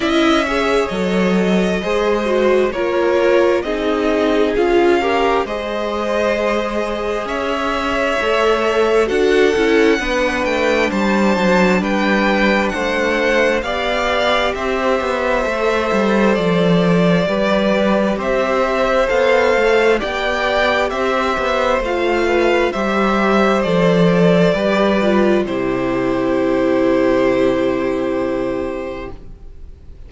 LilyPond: <<
  \new Staff \with { instrumentName = "violin" } { \time 4/4 \tempo 4 = 66 e''4 dis''2 cis''4 | dis''4 f''4 dis''2 | e''2 fis''4. g''8 | a''4 g''4 fis''4 f''4 |
e''2 d''2 | e''4 f''4 g''4 e''4 | f''4 e''4 d''2 | c''1 | }
  \new Staff \with { instrumentName = "violin" } { \time 4/4 dis''8 cis''4. c''4 ais'4 | gis'4. ais'8 c''2 | cis''2 a'4 b'4 | c''4 b'4 c''4 d''4 |
c''2. b'4 | c''2 d''4 c''4~ | c''8 b'8 c''2 b'4 | g'1 | }
  \new Staff \with { instrumentName = "viola" } { \time 4/4 e'8 gis'8 a'4 gis'8 fis'8 f'4 | dis'4 f'8 g'8 gis'2~ | gis'4 a'4 fis'8 e'8 d'4~ | d'2. g'4~ |
g'4 a'2 g'4~ | g'4 a'4 g'2 | f'4 g'4 a'4 g'8 f'8 | e'1 | }
  \new Staff \with { instrumentName = "cello" } { \time 4/4 cis'4 fis4 gis4 ais4 | c'4 cis'4 gis2 | cis'4 a4 d'8 cis'8 b8 a8 | g8 fis8 g4 a4 b4 |
c'8 b8 a8 g8 f4 g4 | c'4 b8 a8 b4 c'8 b8 | a4 g4 f4 g4 | c1 | }
>>